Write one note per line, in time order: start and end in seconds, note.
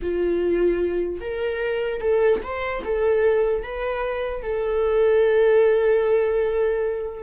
0.01 1.20 F4
1.20 2.00 A#4
2.00 2.41 A4
2.43 2.83 C5
2.84 3.62 A4
3.62 4.42 B4
4.42 7.23 A4